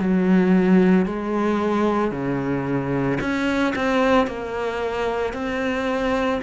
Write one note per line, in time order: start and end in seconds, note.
0.00 1.06 F#3
1.06 2.12 G#3
2.12 3.19 C#3
3.21 3.75 C#4
3.76 4.28 C4
4.28 5.34 A#3
5.34 6.41 C4